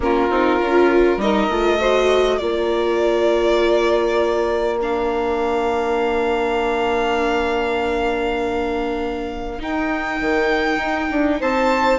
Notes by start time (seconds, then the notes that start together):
0.00 A#3 C#4 F4 A#4
0.29 C4 D#4
0.59 C#4 F4
1.17 G3 D#4 A#4 D#5
1.49 A3 F4
1.79 F#4 C5
2.37 A#3 F4 A#4 D5
4.80 D4 F5
9.58 D#4 G5
10.21 D#3
10.77 D#4
11.11 D4
11.40 C4 C5 A5